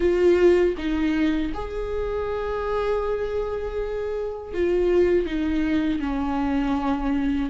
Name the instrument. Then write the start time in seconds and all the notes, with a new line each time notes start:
viola
0.00 F4
0.77 D#4
1.53 G#4
4.53 F4
5.25 D#4
6.00 C#4